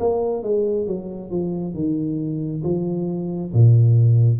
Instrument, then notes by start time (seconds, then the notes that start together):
tuba
0.00 A#3
0.43 G#3
0.87 F#3
1.31 F3
1.74 D#3
2.64 F3
3.54 A#2